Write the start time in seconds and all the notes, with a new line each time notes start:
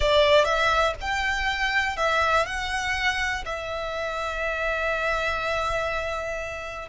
0.00 D5
0.44 E5
1.00 G5
1.96 E5
2.46 F#5
3.45 E5